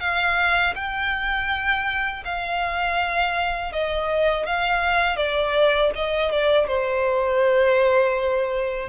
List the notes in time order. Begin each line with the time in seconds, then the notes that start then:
0.00 F5
0.75 G5
2.25 F5
3.72 D#5
4.46 F5
5.16 D5
5.95 D#5
6.32 D5
6.67 C5